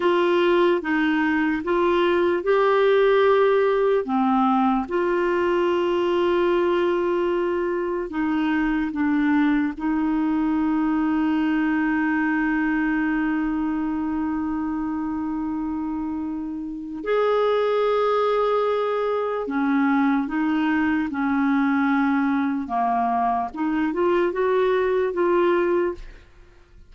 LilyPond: \new Staff \with { instrumentName = "clarinet" } { \time 4/4 \tempo 4 = 74 f'4 dis'4 f'4 g'4~ | g'4 c'4 f'2~ | f'2 dis'4 d'4 | dis'1~ |
dis'1~ | dis'4 gis'2. | cis'4 dis'4 cis'2 | ais4 dis'8 f'8 fis'4 f'4 | }